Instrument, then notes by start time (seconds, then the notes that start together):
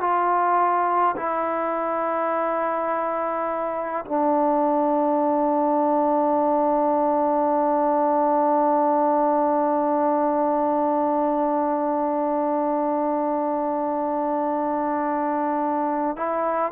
trombone
0.00 F4
1.16 E4
4.05 D4
16.16 E4